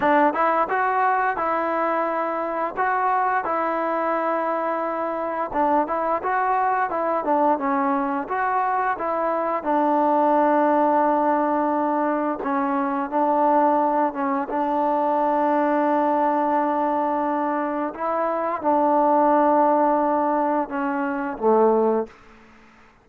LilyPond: \new Staff \with { instrumentName = "trombone" } { \time 4/4 \tempo 4 = 87 d'8 e'8 fis'4 e'2 | fis'4 e'2. | d'8 e'8 fis'4 e'8 d'8 cis'4 | fis'4 e'4 d'2~ |
d'2 cis'4 d'4~ | d'8 cis'8 d'2.~ | d'2 e'4 d'4~ | d'2 cis'4 a4 | }